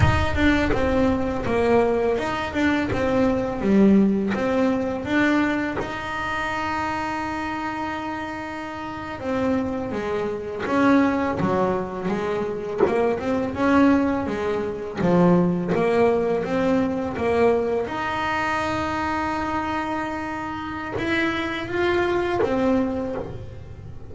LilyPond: \new Staff \with { instrumentName = "double bass" } { \time 4/4 \tempo 4 = 83 dis'8 d'8 c'4 ais4 dis'8 d'8 | c'4 g4 c'4 d'4 | dis'1~ | dis'8. c'4 gis4 cis'4 fis16~ |
fis8. gis4 ais8 c'8 cis'4 gis16~ | gis8. f4 ais4 c'4 ais16~ | ais8. dis'2.~ dis'16~ | dis'4 e'4 f'4 c'4 | }